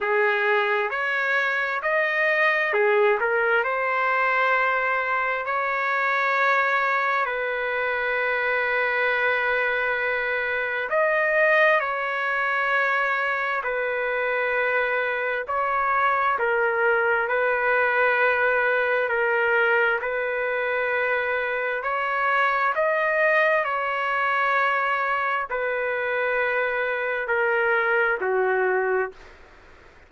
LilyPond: \new Staff \with { instrumentName = "trumpet" } { \time 4/4 \tempo 4 = 66 gis'4 cis''4 dis''4 gis'8 ais'8 | c''2 cis''2 | b'1 | dis''4 cis''2 b'4~ |
b'4 cis''4 ais'4 b'4~ | b'4 ais'4 b'2 | cis''4 dis''4 cis''2 | b'2 ais'4 fis'4 | }